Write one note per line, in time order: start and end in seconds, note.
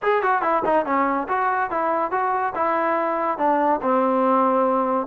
0.02 0.22 G#4
0.22 0.41 F#4
0.41 0.63 E4
0.65 0.85 D#4
0.85 1.27 C#4
1.28 1.70 F#4
1.70 2.11 E4
2.11 2.53 F#4
2.55 3.38 E4
3.38 3.80 D4
3.82 5.06 C4